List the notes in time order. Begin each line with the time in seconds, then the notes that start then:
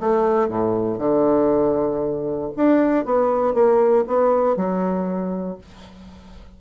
0.00 A3
0.48 A2
0.98 D3
2.56 D4
3.05 B3
3.54 A#3
4.07 B3
4.56 F#3